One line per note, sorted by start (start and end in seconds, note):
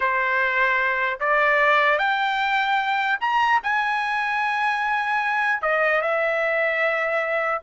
0.00 1.19 C5
1.19 1.98 D5
1.98 3.18 G5
3.20 3.60 A#5
3.63 5.62 G#5
5.62 6.01 D#5
6.01 7.61 E5